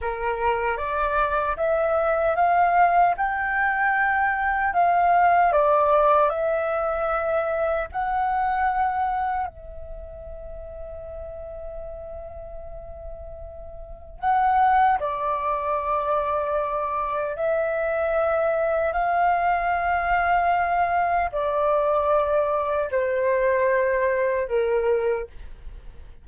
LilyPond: \new Staff \with { instrumentName = "flute" } { \time 4/4 \tempo 4 = 76 ais'4 d''4 e''4 f''4 | g''2 f''4 d''4 | e''2 fis''2 | e''1~ |
e''2 fis''4 d''4~ | d''2 e''2 | f''2. d''4~ | d''4 c''2 ais'4 | }